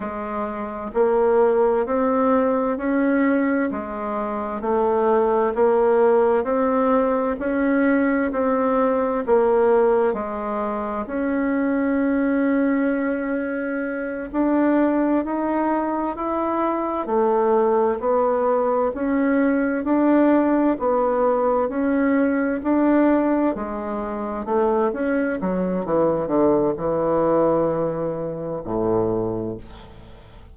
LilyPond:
\new Staff \with { instrumentName = "bassoon" } { \time 4/4 \tempo 4 = 65 gis4 ais4 c'4 cis'4 | gis4 a4 ais4 c'4 | cis'4 c'4 ais4 gis4 | cis'2.~ cis'8 d'8~ |
d'8 dis'4 e'4 a4 b8~ | b8 cis'4 d'4 b4 cis'8~ | cis'8 d'4 gis4 a8 cis'8 fis8 | e8 d8 e2 a,4 | }